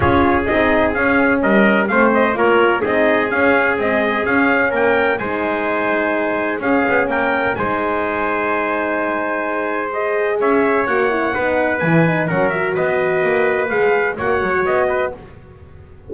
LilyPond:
<<
  \new Staff \with { instrumentName = "trumpet" } { \time 4/4 \tempo 4 = 127 cis''4 dis''4 f''4 dis''4 | f''8 dis''8 cis''4 dis''4 f''4 | dis''4 f''4 g''4 gis''4~ | gis''2 f''4 g''4 |
gis''1~ | gis''4 dis''4 e''4 fis''4~ | fis''4 gis''4 fis''8 e''8 dis''4~ | dis''4 f''4 fis''4 dis''4 | }
  \new Staff \with { instrumentName = "trumpet" } { \time 4/4 gis'2. ais'4 | c''4 ais'4 gis'2~ | gis'2 ais'4 c''4~ | c''2 gis'4 ais'4 |
c''1~ | c''2 cis''2 | b'2 ais'4 b'4~ | b'2 cis''4. b'8 | }
  \new Staff \with { instrumentName = "horn" } { \time 4/4 f'4 dis'4 cis'2 | c'4 f'4 dis'4 cis'4 | gis4 cis'2 dis'4~ | dis'2 cis'2 |
dis'1~ | dis'4 gis'2 fis'8 e'8 | dis'4 e'8 dis'8 cis'8 fis'4.~ | fis'4 gis'4 fis'2 | }
  \new Staff \with { instrumentName = "double bass" } { \time 4/4 cis'4 c'4 cis'4 g4 | a4 ais4 c'4 cis'4 | c'4 cis'4 ais4 gis4~ | gis2 cis'8 b8 ais4 |
gis1~ | gis2 cis'4 ais4 | b4 e4 fis4 b4 | ais4 gis4 ais8 fis8 b4 | }
>>